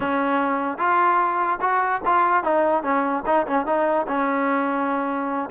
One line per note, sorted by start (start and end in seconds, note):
0.00 0.78 C#4
0.78 1.59 F4
1.61 2.01 F#4
2.05 2.43 F4
2.43 2.83 D#4
2.83 3.23 C#4
3.26 3.46 D#4
3.46 3.65 C#4
3.65 4.06 D#4
4.07 5.49 C#4